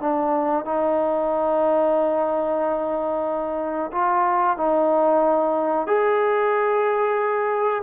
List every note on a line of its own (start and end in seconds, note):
0.00 0.65 D4
0.65 3.91 D#4
3.92 4.57 F4
4.57 5.87 D#4
5.87 7.83 G#4